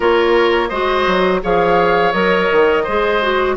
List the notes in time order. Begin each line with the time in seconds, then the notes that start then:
0.00 A#3 F4 A#4 C#5
0.68 G#3 F#4 C5 D#5
1.07 F#3
1.42 F3 G#4 C#5 F5
2.12 F#3 A#4 D#5
2.51 D#3
2.83 G#3 G#4 C5
3.21 F#4